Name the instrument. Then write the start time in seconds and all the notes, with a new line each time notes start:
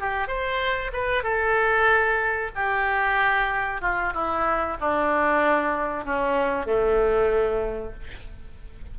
oboe
0.00 G4
0.28 C5
0.93 B4
1.23 A4
2.55 G4
3.82 F4
4.13 E4
4.80 D4
6.05 C#4
6.66 A3